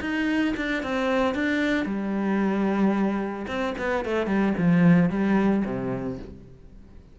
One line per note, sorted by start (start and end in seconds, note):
0.00 0.54 D#4
0.56 0.83 D4
0.83 1.34 C4
1.34 1.85 D4
1.85 3.46 G3
3.47 3.74 C4
3.78 4.05 B3
4.05 4.26 A3
4.26 4.53 G3
4.58 5.10 F3
5.10 5.63 G3
5.65 6.18 C3